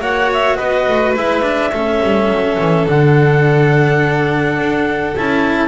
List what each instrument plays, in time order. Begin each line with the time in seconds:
0.00 double bass A#3, cello F#4, violin C#5, clarinet F#5
0.33 clarinet E5
0.57 double bass B3, violin B4, clarinet D#5
0.88 double bass A3
1.15 double bass G#3, cello E4, clarinet E5
1.42 cello D4
1.72 double bass A3, cello C#4, violin A4
2.03 double bass G3
2.29 double bass F#3
2.60 double bass E3
2.87 double bass D3, cello D4, clarinet F#5
4.58 double bass D4
5.17 double bass C#4, cello E4, clarinet A5